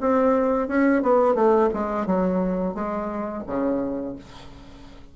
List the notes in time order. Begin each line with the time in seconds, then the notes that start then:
0.00 C4
0.68 C#4
1.02 B3
1.35 A3
1.74 G#3
2.06 F#3
2.74 G#3
3.47 C#3